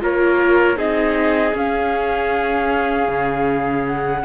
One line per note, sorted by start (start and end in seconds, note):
0.00 0.77 A#3
0.00 0.76 F4
0.00 0.78 A#4
0.00 0.78 C#5
0.76 1.54 C4
0.76 1.53 D#4
0.76 4.24 G#4
0.76 1.55 D#5
1.55 3.08 C#4
1.55 4.25 C#4
1.55 3.87 F5
3.08 4.24 C#3
3.87 4.25 F#5